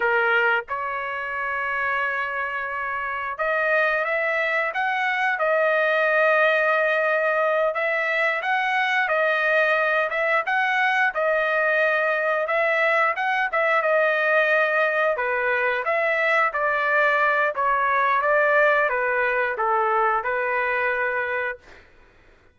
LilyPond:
\new Staff \with { instrumentName = "trumpet" } { \time 4/4 \tempo 4 = 89 ais'4 cis''2.~ | cis''4 dis''4 e''4 fis''4 | dis''2.~ dis''8 e''8~ | e''8 fis''4 dis''4. e''8 fis''8~ |
fis''8 dis''2 e''4 fis''8 | e''8 dis''2 b'4 e''8~ | e''8 d''4. cis''4 d''4 | b'4 a'4 b'2 | }